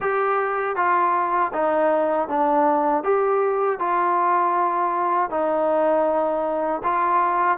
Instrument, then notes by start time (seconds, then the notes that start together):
trombone
0.00 G4
0.76 F4
1.53 D#4
2.28 D4
3.03 G4
3.79 F4
5.30 D#4
6.83 F4